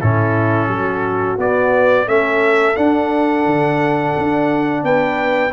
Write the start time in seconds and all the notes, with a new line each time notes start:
0.00 A2 C#4 E4 A4
0.68 F#3 F#4
1.38 B3 D5
2.07 A3 C#4 A4 E5
2.75 D4 F#5
3.46 D3
4.18 D4
4.83 B3 B4 G5